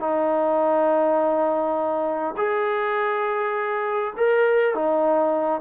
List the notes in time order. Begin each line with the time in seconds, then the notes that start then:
0.00 D#4
2.37 G#4
4.17 A#4
4.75 D#4